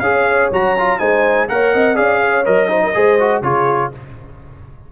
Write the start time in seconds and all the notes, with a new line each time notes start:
0.00 C#4 G#4 C#5 F5
0.51 F#3 F#4 A#5
0.78 F4
0.99 G#3 D#4 C5 G#5
1.49 A#3 A#4 C#5 F#5
1.74 C4 D#5
1.95 C#4 G#4 D5 F5
2.21 C#5
2.45 F#3 A#4 D#5
2.68 D#4 C5
2.84 A#4
2.94 G#3 G#4 C5
3.20 F#4
3.42 C#3 F4 G#4 C#5